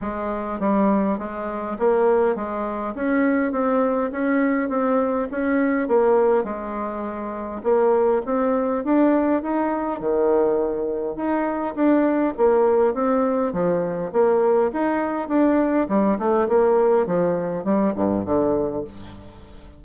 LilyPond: \new Staff \with { instrumentName = "bassoon" } { \time 4/4 \tempo 4 = 102 gis4 g4 gis4 ais4 | gis4 cis'4 c'4 cis'4 | c'4 cis'4 ais4 gis4~ | gis4 ais4 c'4 d'4 |
dis'4 dis2 dis'4 | d'4 ais4 c'4 f4 | ais4 dis'4 d'4 g8 a8 | ais4 f4 g8 g,8 d4 | }